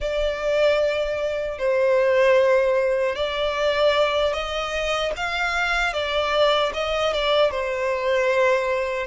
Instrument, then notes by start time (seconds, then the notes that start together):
violin
0.00 D5
1.58 C5
3.15 D5
4.33 D#5
5.16 F5
5.93 D5
6.73 D#5
7.13 D5
7.50 C5